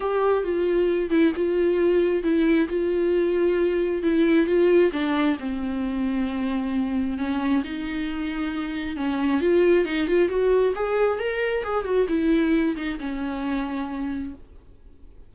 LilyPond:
\new Staff \with { instrumentName = "viola" } { \time 4/4 \tempo 4 = 134 g'4 f'4. e'8 f'4~ | f'4 e'4 f'2~ | f'4 e'4 f'4 d'4 | c'1 |
cis'4 dis'2. | cis'4 f'4 dis'8 f'8 fis'4 | gis'4 ais'4 gis'8 fis'8 e'4~ | e'8 dis'8 cis'2. | }